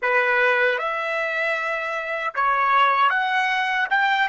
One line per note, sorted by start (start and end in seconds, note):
0.02 0.78 B4
0.78 2.34 E5
2.34 3.09 C#5
3.09 3.87 F#5
3.90 4.29 G5